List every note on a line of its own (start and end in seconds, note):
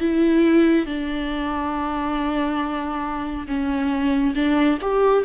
0.00 0.85 E4
0.85 3.46 D4
3.47 4.34 C#4
4.35 4.78 D4
4.81 5.25 G4